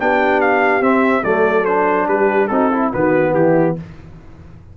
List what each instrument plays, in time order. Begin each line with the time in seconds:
0.00 tuba B3, trombone D4, horn G4, trumpet G5
0.41 trumpet F5
0.81 tuba C4, trombone C4, trumpet E5
1.24 tuba F#3, trombone A3, horn A4, trumpet D5
1.65 trombone D4, trumpet C5
2.08 tuba G3, horn G4, trumpet B4
2.48 tuba C4, trombone D#4, horn F#4, trumpet A4
2.71 horn E4, trombone E4
2.92 tuba D#3, trombone B3, horn F#4, trumpet B4
3.33 tuba E3, horn E4, trumpet G4